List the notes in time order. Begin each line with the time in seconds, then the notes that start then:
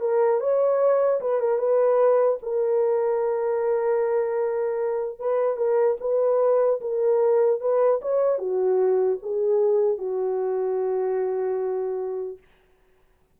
0.00 A#4
0.40 C#5
1.20 B4
1.40 A#4
1.58 B4
2.42 A#4
5.19 B4
5.56 A#4
6.00 B4
6.80 A#4
7.60 B4
8.01 C#5
8.38 F#4
9.22 G#4
9.97 F#4